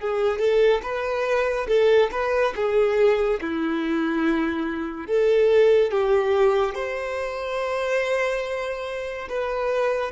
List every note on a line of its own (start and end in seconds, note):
0.00 0.39 G#4
0.39 0.81 A4
0.83 1.67 B4
1.68 2.10 A4
2.12 2.54 B4
2.56 3.40 G#4
3.41 5.07 E4
5.07 5.92 A4
5.92 6.75 G4
6.75 9.28 C5
9.29 10.12 B4